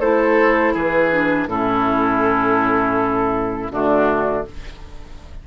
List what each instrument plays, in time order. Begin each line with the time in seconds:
0.00 bassoon A3, clarinet E4, oboe A4, flute C5
0.74 bassoon E3, oboe G#4, flute B4
1.12 clarinet D4
1.47 bassoon A2, clarinet C#4, oboe E4, flute A4
3.71 bassoon D3, clarinet A3, oboe D4, flute F#4